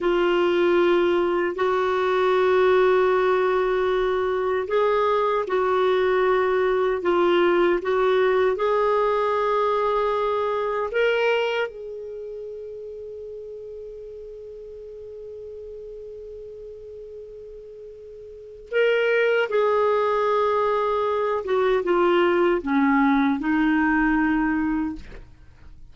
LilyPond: \new Staff \with { instrumentName = "clarinet" } { \time 4/4 \tempo 4 = 77 f'2 fis'2~ | fis'2 gis'4 fis'4~ | fis'4 f'4 fis'4 gis'4~ | gis'2 ais'4 gis'4~ |
gis'1~ | gis'1 | ais'4 gis'2~ gis'8 fis'8 | f'4 cis'4 dis'2 | }